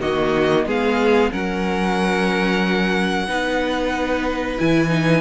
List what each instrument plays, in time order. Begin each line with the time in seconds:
0.00 cello D#3, viola A#3, violin F#4 D#5
0.65 cello G#3, viola B3, violin G#4 F5
1.31 cello F#3, viola C#4, violin A#4 F#5
3.26 cello B3, viola D#4, violin B4
4.58 cello E3, viola E4, violin G#5
4.89 viola D#4